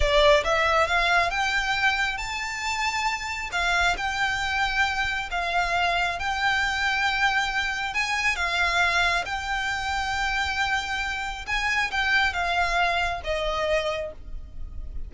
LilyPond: \new Staff \with { instrumentName = "violin" } { \time 4/4 \tempo 4 = 136 d''4 e''4 f''4 g''4~ | g''4 a''2. | f''4 g''2. | f''2 g''2~ |
g''2 gis''4 f''4~ | f''4 g''2.~ | g''2 gis''4 g''4 | f''2 dis''2 | }